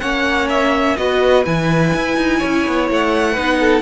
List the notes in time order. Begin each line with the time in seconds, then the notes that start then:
0.00 A#3 C#4 C#5 F#5
0.49 E5
0.97 B3 F#4 B4 D#5
1.45 E3 E4 G#5
1.94 E4
2.16 D#4
2.39 C#4 C#5
2.67 B3
2.90 A3 F#5
3.32 B3 D#4 B4
3.60 A4